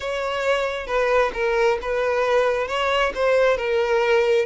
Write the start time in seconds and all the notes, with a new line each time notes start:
0.00 C#5
0.86 B4
1.33 A#4
1.81 B4
2.67 C#5
3.14 C5
3.57 A#4